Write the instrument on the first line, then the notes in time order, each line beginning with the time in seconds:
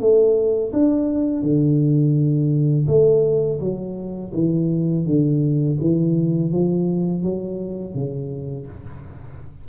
tuba
0.00 A3
0.73 D4
1.43 D3
2.88 A3
3.60 F#3
4.34 E3
5.06 D3
5.81 E3
6.52 F3
7.23 F#3
7.95 C#3